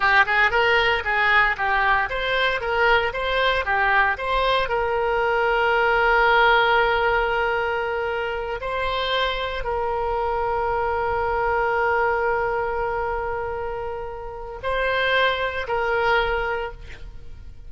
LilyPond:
\new Staff \with { instrumentName = "oboe" } { \time 4/4 \tempo 4 = 115 g'8 gis'8 ais'4 gis'4 g'4 | c''4 ais'4 c''4 g'4 | c''4 ais'2.~ | ais'1~ |
ais'8 c''2 ais'4.~ | ais'1~ | ais'1 | c''2 ais'2 | }